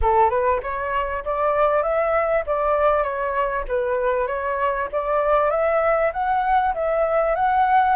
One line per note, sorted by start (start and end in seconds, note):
0.01 0.29 A4
0.29 0.60 B4
0.62 1.24 C#5
1.24 1.82 D5
1.82 2.44 E5
2.46 3.03 D5
3.03 3.64 C#5
3.67 4.27 B4
4.27 4.88 C#5
4.91 5.50 D5
5.50 6.11 E5
6.13 6.74 F#5
6.74 7.35 E5
7.35 7.96 F#5